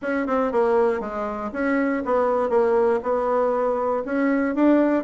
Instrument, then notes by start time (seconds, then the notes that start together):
bassoon
0.02 C#4
0.26 C4
0.52 A#3
1.00 G#3
1.52 C#4
2.05 B3
2.49 A#3
3.02 B3
4.05 C#4
4.55 D4